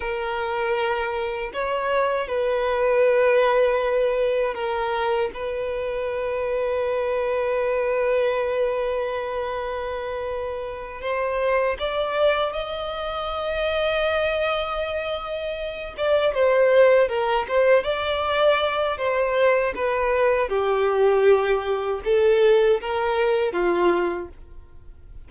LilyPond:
\new Staff \with { instrumentName = "violin" } { \time 4/4 \tempo 4 = 79 ais'2 cis''4 b'4~ | b'2 ais'4 b'4~ | b'1~ | b'2~ b'8 c''4 d''8~ |
d''8 dis''2.~ dis''8~ | dis''4 d''8 c''4 ais'8 c''8 d''8~ | d''4 c''4 b'4 g'4~ | g'4 a'4 ais'4 f'4 | }